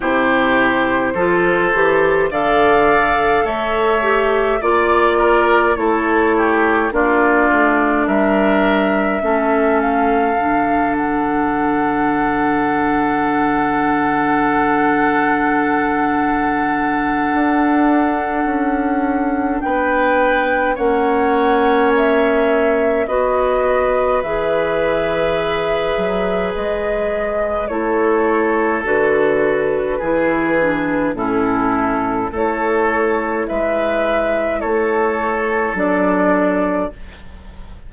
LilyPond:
<<
  \new Staff \with { instrumentName = "flute" } { \time 4/4 \tempo 4 = 52 c''2 f''4 e''4 | d''4 cis''4 d''4 e''4~ | e''8 f''4 fis''2~ fis''8~ | fis''1~ |
fis''4 g''4 fis''4 e''4 | dis''4 e''2 dis''4 | cis''4 b'2 a'4 | cis''4 e''4 cis''4 d''4 | }
  \new Staff \with { instrumentName = "oboe" } { \time 4/4 g'4 a'4 d''4 cis''4 | d''8 ais'8 a'8 g'8 f'4 ais'4 | a'1~ | a'1~ |
a'4 b'4 cis''2 | b'1 | a'2 gis'4 e'4 | a'4 b'4 a'2 | }
  \new Staff \with { instrumentName = "clarinet" } { \time 4/4 e'4 f'8 g'8 a'4. g'8 | f'4 e'4 d'2 | cis'4 d'2.~ | d'1~ |
d'2 cis'2 | fis'4 gis'2. | e'4 fis'4 e'8 d'8 cis'4 | e'2. d'4 | }
  \new Staff \with { instrumentName = "bassoon" } { \time 4/4 c4 f8 e8 d4 a4 | ais4 a4 ais8 a8 g4 | a4 d2.~ | d2. d'4 |
cis'4 b4 ais2 | b4 e4. fis8 gis4 | a4 d4 e4 a,4 | a4 gis4 a4 fis4 | }
>>